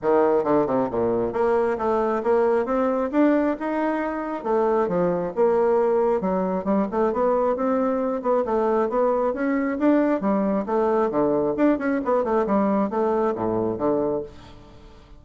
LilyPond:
\new Staff \with { instrumentName = "bassoon" } { \time 4/4 \tempo 4 = 135 dis4 d8 c8 ais,4 ais4 | a4 ais4 c'4 d'4 | dis'2 a4 f4 | ais2 fis4 g8 a8 |
b4 c'4. b8 a4 | b4 cis'4 d'4 g4 | a4 d4 d'8 cis'8 b8 a8 | g4 a4 a,4 d4 | }